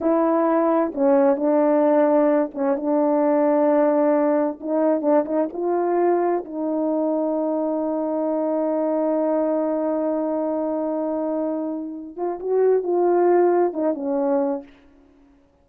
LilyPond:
\new Staff \with { instrumentName = "horn" } { \time 4/4 \tempo 4 = 131 e'2 cis'4 d'4~ | d'4. cis'8 d'2~ | d'2 dis'4 d'8 dis'8 | f'2 dis'2~ |
dis'1~ | dis'1~ | dis'2~ dis'8 f'8 fis'4 | f'2 dis'8 cis'4. | }